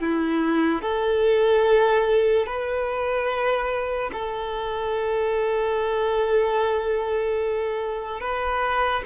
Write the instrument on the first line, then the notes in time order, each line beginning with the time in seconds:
violin
0.00 E4
0.82 A4
2.46 B4
4.13 A4
8.21 B4